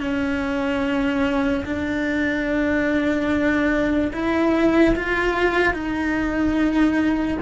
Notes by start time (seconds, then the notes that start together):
0.00 C#4
1.65 D4
4.12 E4
4.95 F4
5.73 D#4